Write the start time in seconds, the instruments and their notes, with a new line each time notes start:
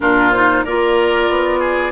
0.00 bassoon A#2, clarinet D4, oboe F4, flute A#4
0.31 clarinet D#4, flute C5
0.64 bassoon A#3, clarinet F4, oboe A#4, flute D5
1.29 bassoon B3
1.59 oboe G#4